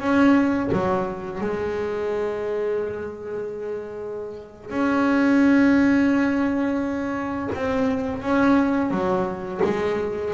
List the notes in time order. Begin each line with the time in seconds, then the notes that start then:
0.00 C#4
0.72 F#3
1.40 G#3
4.70 C#4
7.54 C4
8.22 C#4
8.91 F#3
9.64 G#3